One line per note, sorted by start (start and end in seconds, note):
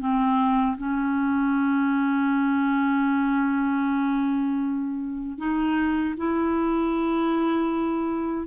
0.00 0.77 C4
0.78 5.38 C#4
5.38 6.15 D#4
6.17 8.48 E4